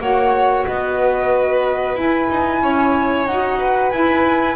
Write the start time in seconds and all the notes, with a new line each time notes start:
0.00 A#3 F#4 C#5 F#5
0.66 B3 B4 D#5
1.95 E4 G#5
2.30 D#4
2.62 C#4 C#5
3.26 D#4 F#4 F#5
3.59 B4
3.90 E4 G#5